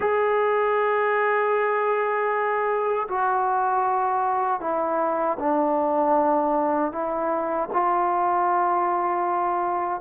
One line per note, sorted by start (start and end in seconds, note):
0.00 3.07 G#4
3.08 4.60 F#4
4.60 5.37 E4
5.38 6.92 D4
6.92 7.69 E4
7.73 10.00 F4